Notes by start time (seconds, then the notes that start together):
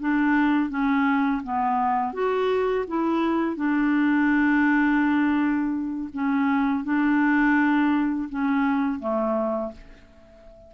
0.00 D4
0.70 C#4
1.43 B3
2.13 F#4
2.88 E4
3.56 D4
6.13 C#4
6.84 D4
8.29 C#4
8.99 A3